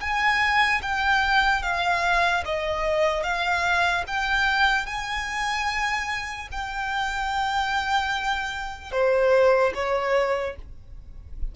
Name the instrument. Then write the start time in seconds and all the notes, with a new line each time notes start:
violin
0.00 G#5
0.82 G5
1.62 F5
2.45 D#5
3.23 F5
4.07 G5
4.86 G#5
6.51 G5
8.92 C5
9.74 C#5